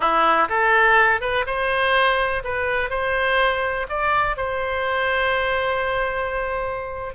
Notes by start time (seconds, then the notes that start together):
0.00 E4
0.48 A4
1.21 B4
1.46 C5
2.43 B4
2.90 C5
3.89 D5
4.37 C5